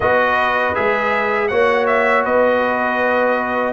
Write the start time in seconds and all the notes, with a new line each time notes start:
0.00 B3 F#4 B4 D#5
0.74 G#3 G#4 E5
1.48 A#3 F#4 C#5 F#5
1.86 E5
2.24 B3 B4 D#5